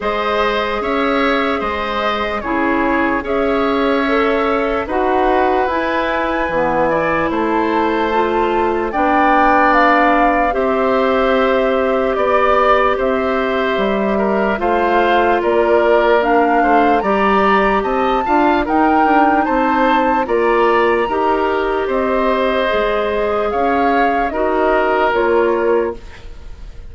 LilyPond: <<
  \new Staff \with { instrumentName = "flute" } { \time 4/4 \tempo 4 = 74 dis''4 e''4 dis''4 cis''4 | e''2 fis''4 gis''4~ | gis''4 a''2 g''4 | f''4 e''2 d''4 |
e''2 f''4 d''4 | f''4 ais''4 a''4 g''4 | a''4 ais''2 dis''4~ | dis''4 f''4 dis''4 cis''4 | }
  \new Staff \with { instrumentName = "oboe" } { \time 4/4 c''4 cis''4 c''4 gis'4 | cis''2 b'2~ | b'8 d''8 c''2 d''4~ | d''4 c''2 d''4 |
c''4. ais'8 c''4 ais'4~ | ais'8 c''8 d''4 dis''8 f''8 ais'4 | c''4 d''4 ais'4 c''4~ | c''4 cis''4 ais'2 | }
  \new Staff \with { instrumentName = "clarinet" } { \time 4/4 gis'2. e'4 | gis'4 a'4 fis'4 e'4 | b8 e'4. f'4 d'4~ | d'4 g'2.~ |
g'2 f'2 | d'4 g'4. f'8 dis'4~ | dis'4 f'4 g'2 | gis'2 fis'4 f'4 | }
  \new Staff \with { instrumentName = "bassoon" } { \time 4/4 gis4 cis'4 gis4 cis4 | cis'2 dis'4 e'4 | e4 a2 b4~ | b4 c'2 b4 |
c'4 g4 a4 ais4~ | ais8 a8 g4 c'8 d'8 dis'8 d'8 | c'4 ais4 dis'4 c'4 | gis4 cis'4 dis'4 ais4 | }
>>